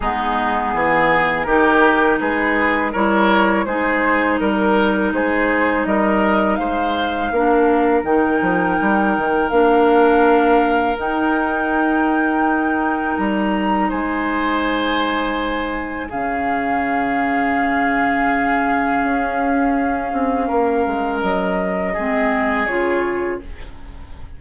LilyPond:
<<
  \new Staff \with { instrumentName = "flute" } { \time 4/4 \tempo 4 = 82 gis'2 ais'4 b'4 | cis''4 c''4 ais'4 c''4 | dis''4 f''2 g''4~ | g''4 f''2 g''4~ |
g''2 ais''4 gis''4~ | gis''2 f''2~ | f''1~ | f''4 dis''2 cis''4 | }
  \new Staff \with { instrumentName = "oboe" } { \time 4/4 dis'4 gis'4 g'4 gis'4 | ais'4 gis'4 ais'4 gis'4 | ais'4 c''4 ais'2~ | ais'1~ |
ais'2. c''4~ | c''2 gis'2~ | gis'1 | ais'2 gis'2 | }
  \new Staff \with { instrumentName = "clarinet" } { \time 4/4 b2 dis'2 | e'4 dis'2.~ | dis'2 d'4 dis'4~ | dis'4 d'2 dis'4~ |
dis'1~ | dis'2 cis'2~ | cis'1~ | cis'2 c'4 f'4 | }
  \new Staff \with { instrumentName = "bassoon" } { \time 4/4 gis4 e4 dis4 gis4 | g4 gis4 g4 gis4 | g4 gis4 ais4 dis8 f8 | g8 dis8 ais2 dis'4~ |
dis'2 g4 gis4~ | gis2 cis2~ | cis2 cis'4. c'8 | ais8 gis8 fis4 gis4 cis4 | }
>>